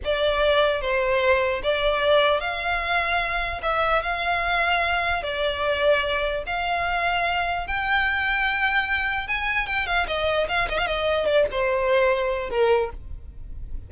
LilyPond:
\new Staff \with { instrumentName = "violin" } { \time 4/4 \tempo 4 = 149 d''2 c''2 | d''2 f''2~ | f''4 e''4 f''2~ | f''4 d''2. |
f''2. g''4~ | g''2. gis''4 | g''8 f''8 dis''4 f''8 dis''16 f''16 dis''4 | d''8 c''2~ c''8 ais'4 | }